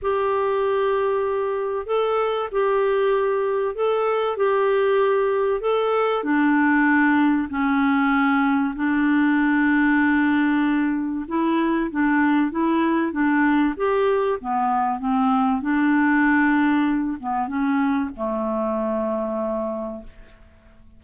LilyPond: \new Staff \with { instrumentName = "clarinet" } { \time 4/4 \tempo 4 = 96 g'2. a'4 | g'2 a'4 g'4~ | g'4 a'4 d'2 | cis'2 d'2~ |
d'2 e'4 d'4 | e'4 d'4 g'4 b4 | c'4 d'2~ d'8 b8 | cis'4 a2. | }